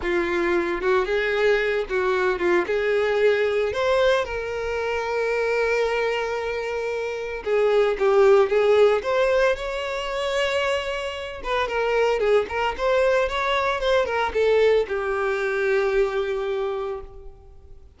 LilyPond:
\new Staff \with { instrumentName = "violin" } { \time 4/4 \tempo 4 = 113 f'4. fis'8 gis'4. fis'8~ | fis'8 f'8 gis'2 c''4 | ais'1~ | ais'2 gis'4 g'4 |
gis'4 c''4 cis''2~ | cis''4. b'8 ais'4 gis'8 ais'8 | c''4 cis''4 c''8 ais'8 a'4 | g'1 | }